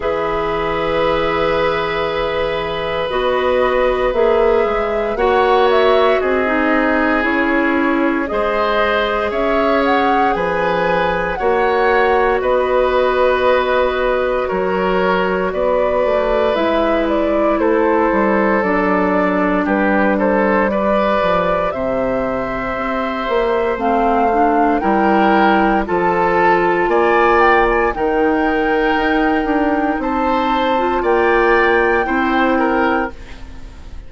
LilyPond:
<<
  \new Staff \with { instrumentName = "flute" } { \time 4/4 \tempo 4 = 58 e''2. dis''4 | e''4 fis''8 e''8 dis''4 cis''4 | dis''4 e''8 fis''8 gis''4 fis''4 | dis''2 cis''4 d''4 |
e''8 d''8 c''4 d''4 b'8 c''8 | d''4 e''2 f''4 | g''4 a''4 gis''8 g''16 gis''16 g''4~ | g''4 a''4 g''2 | }
  \new Staff \with { instrumentName = "oboe" } { \time 4/4 b'1~ | b'4 cis''4 gis'2 | c''4 cis''4 b'4 cis''4 | b'2 ais'4 b'4~ |
b'4 a'2 g'8 a'8 | b'4 c''2. | ais'4 a'4 d''4 ais'4~ | ais'4 c''4 d''4 c''8 ais'8 | }
  \new Staff \with { instrumentName = "clarinet" } { \time 4/4 gis'2. fis'4 | gis'4 fis'4~ fis'16 dis'8. e'4 | gis'2. fis'4~ | fis'1 |
e'2 d'2 | g'2. c'8 d'8 | e'4 f'2 dis'4~ | dis'4.~ dis'16 f'4~ f'16 e'4 | }
  \new Staff \with { instrumentName = "bassoon" } { \time 4/4 e2. b4 | ais8 gis8 ais4 c'4 cis'4 | gis4 cis'4 f4 ais4 | b2 fis4 b8 a8 |
gis4 a8 g8 fis4 g4~ | g8 f8 c4 c'8 ais8 a4 | g4 f4 ais4 dis4 | dis'8 d'8 c'4 ais4 c'4 | }
>>